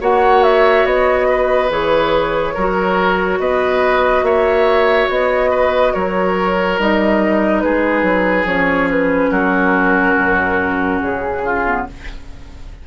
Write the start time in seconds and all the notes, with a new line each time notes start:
0.00 A#3 F#4 C#5 F#5
0.43 E5
0.85 B3 D#5
1.28 B4
1.69 E3 G#4 C#5
2.54 F#3 F#4 A#4
3.39 B3 B4 D#5
4.22 A#3 C#5 E5
5.09 B3 D#5
5.50 B4
5.94 F#3 A#4 C#5
6.78 G3 D#4 D#5
7.60 G#3 G#4 B4
8.02 F#3
8.44 F3 C#4 C#5
8.90 B4
9.30 F#3 F#4 A#4
10.16 F#2
11.01 C#3 G#4
11.44 F4
11.65 B3